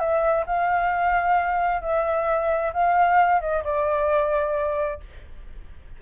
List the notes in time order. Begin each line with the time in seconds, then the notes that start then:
0.00 E5
0.47 F5
1.82 E5
2.74 F5
3.41 D#5
3.64 D5